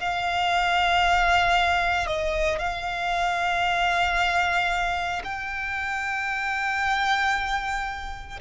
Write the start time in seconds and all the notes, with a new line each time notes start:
0.00 F5
2.07 D#5
2.59 F5
5.24 G5